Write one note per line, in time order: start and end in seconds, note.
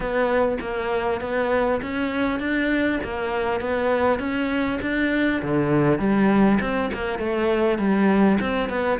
0.00 0.58 B3
0.60 1.20 A#3
1.20 1.80 B3
1.82 2.39 C#4
2.39 2.99 D4
3.03 3.60 A#3
3.60 4.19 B3
4.19 4.79 C#4
4.81 5.41 D4
5.41 5.98 D3
5.98 6.58 G3
6.60 6.90 C4
6.93 7.18 A#3
7.18 7.78 A3
7.78 8.38 G3
8.40 8.69 C4
8.69 8.99 B3